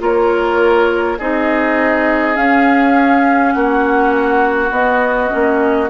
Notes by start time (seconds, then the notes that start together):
0.00 A#3 F4 A#4 C#5
1.19 C4 D#4 G#4 D#5
2.35 C#4 F5
3.52 A#3 F#4 F#5
4.71 B3 D#5
5.29 A#3 C#4